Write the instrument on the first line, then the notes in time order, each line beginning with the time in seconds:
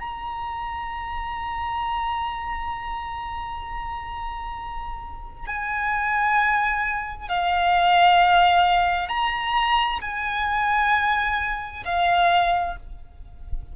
violin
0.00 A#5
5.47 G#5
7.29 F5
9.09 A#5
10.02 G#5
11.86 F5